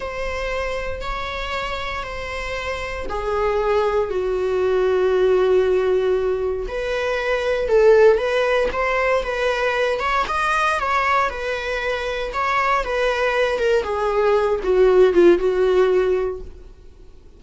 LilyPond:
\new Staff \with { instrumentName = "viola" } { \time 4/4 \tempo 4 = 117 c''2 cis''2 | c''2 gis'2 | fis'1~ | fis'4 b'2 a'4 |
b'4 c''4 b'4. cis''8 | dis''4 cis''4 b'2 | cis''4 b'4. ais'8 gis'4~ | gis'8 fis'4 f'8 fis'2 | }